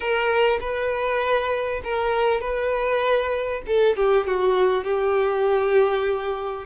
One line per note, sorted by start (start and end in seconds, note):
0.00 0.59 A#4
0.60 1.81 B4
1.84 2.40 A#4
2.40 3.62 B4
3.66 3.96 A4
3.96 4.26 G4
4.26 4.83 F#4
4.83 6.65 G4